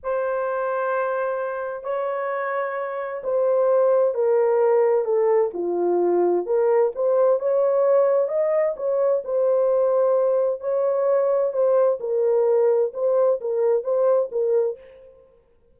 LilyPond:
\new Staff \with { instrumentName = "horn" } { \time 4/4 \tempo 4 = 130 c''1 | cis''2. c''4~ | c''4 ais'2 a'4 | f'2 ais'4 c''4 |
cis''2 dis''4 cis''4 | c''2. cis''4~ | cis''4 c''4 ais'2 | c''4 ais'4 c''4 ais'4 | }